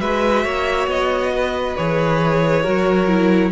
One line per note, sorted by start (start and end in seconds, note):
0.00 0.44 G#3
0.00 1.77 F#4
0.00 0.44 B4
0.00 0.88 E5
0.44 0.87 A#3
0.44 1.32 C#5
0.87 1.75 B3
0.87 1.76 D#5
1.35 2.62 B4
1.76 2.66 E3
1.76 2.63 G#4
1.76 3.52 C#5
2.62 3.52 F#3
2.62 3.08 F#4
2.62 3.51 A#4
3.08 3.52 E4